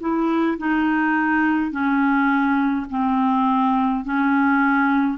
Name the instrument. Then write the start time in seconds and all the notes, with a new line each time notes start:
clarinet
0.00 E4
0.58 D#4
1.71 C#4
2.90 C4
4.04 C#4